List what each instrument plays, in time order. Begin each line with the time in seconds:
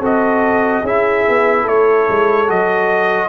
0.00 tuba C4, trombone F#4, horn A4, trumpet D#5
0.83 tuba C#4, trombone E4, horn G#4, trumpet E5
1.29 tuba B3
1.63 tuba A3, horn A4, trumpet C#5
2.09 tuba G#3
2.48 tuba F#3, trombone F#4, trumpet D#5